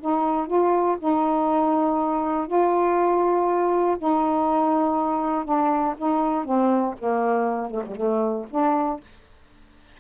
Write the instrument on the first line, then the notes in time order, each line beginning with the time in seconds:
saxophone
0.00 D#4
0.47 F4
0.99 D#4
2.47 F4
3.98 D#4
5.45 D4
5.97 D#4
6.45 C4
6.99 A#3
7.70 A3
7.87 G3
7.96 A3
8.50 D4